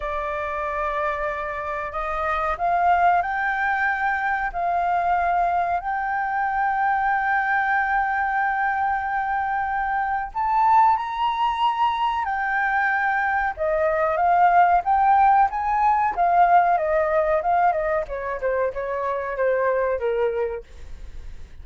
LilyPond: \new Staff \with { instrumentName = "flute" } { \time 4/4 \tempo 4 = 93 d''2. dis''4 | f''4 g''2 f''4~ | f''4 g''2.~ | g''1 |
a''4 ais''2 g''4~ | g''4 dis''4 f''4 g''4 | gis''4 f''4 dis''4 f''8 dis''8 | cis''8 c''8 cis''4 c''4 ais'4 | }